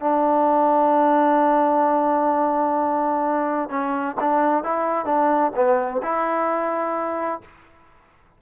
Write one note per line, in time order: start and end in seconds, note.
0.00 3.69 D4
3.69 4.15 C#4
4.20 4.63 D4
4.63 5.05 E4
5.05 5.51 D4
5.55 6.01 B3
6.02 7.41 E4